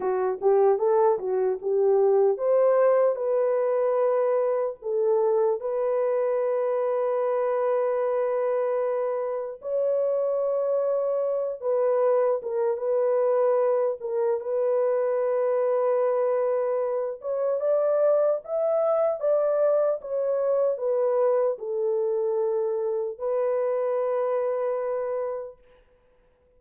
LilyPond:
\new Staff \with { instrumentName = "horn" } { \time 4/4 \tempo 4 = 75 fis'8 g'8 a'8 fis'8 g'4 c''4 | b'2 a'4 b'4~ | b'1 | cis''2~ cis''8 b'4 ais'8 |
b'4. ais'8 b'2~ | b'4. cis''8 d''4 e''4 | d''4 cis''4 b'4 a'4~ | a'4 b'2. | }